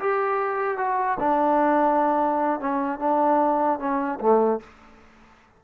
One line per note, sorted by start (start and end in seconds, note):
0.00 0.78 G4
0.78 1.18 F#4
1.20 2.60 D4
2.60 3.00 C#4
3.00 3.80 D4
3.80 4.20 C#4
4.20 4.61 A3